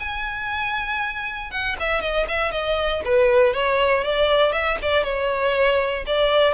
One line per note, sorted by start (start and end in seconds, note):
0.00 1.51 G#5
1.51 1.76 F#5
1.80 2.02 E5
2.02 2.27 D#5
2.28 2.52 E5
2.52 3.03 D#5
3.05 3.54 B4
3.54 4.04 C#5
4.04 4.53 D5
4.53 4.78 E5
4.82 5.04 D5
5.04 6.05 C#5
6.07 6.54 D5